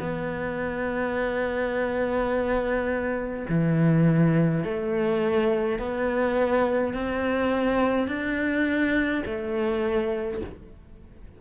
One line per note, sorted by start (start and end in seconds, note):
0.00 3.46 B3
3.49 4.65 E3
4.65 5.79 A3
5.79 6.94 B3
6.94 8.08 C4
8.08 9.23 D4
9.26 10.41 A3